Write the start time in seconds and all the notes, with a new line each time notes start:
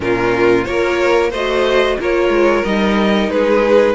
0.00 A#2 C#4 F4 A#4
0.64 A#3 F4 A#4 C#5
1.30 A3 F#4 C5 D#5
1.99 A#3 F4 A#4 C#5
2.29 G#3
2.64 G3 D#4 D#5
3.29 G#3 G#4 B4